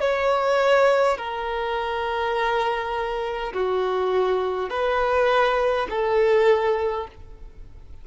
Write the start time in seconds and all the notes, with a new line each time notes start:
0.00 C#5
1.17 A#4
3.53 F#4
4.70 B4
5.89 A4